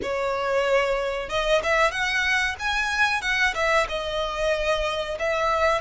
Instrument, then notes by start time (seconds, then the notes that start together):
violin
0.02 C#5
1.29 D#5
1.63 E5
1.91 F#5
2.59 G#5
3.21 F#5
3.54 E5
3.89 D#5
5.19 E5